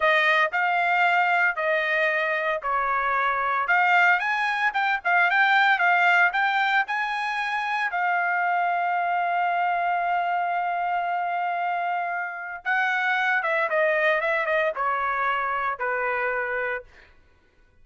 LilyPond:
\new Staff \with { instrumentName = "trumpet" } { \time 4/4 \tempo 4 = 114 dis''4 f''2 dis''4~ | dis''4 cis''2 f''4 | gis''4 g''8 f''8 g''4 f''4 | g''4 gis''2 f''4~ |
f''1~ | f''1 | fis''4. e''8 dis''4 e''8 dis''8 | cis''2 b'2 | }